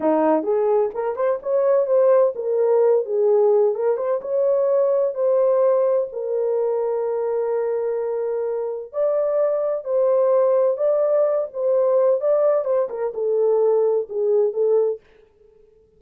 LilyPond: \new Staff \with { instrumentName = "horn" } { \time 4/4 \tempo 4 = 128 dis'4 gis'4 ais'8 c''8 cis''4 | c''4 ais'4. gis'4. | ais'8 c''8 cis''2 c''4~ | c''4 ais'2.~ |
ais'2. d''4~ | d''4 c''2 d''4~ | d''8 c''4. d''4 c''8 ais'8 | a'2 gis'4 a'4 | }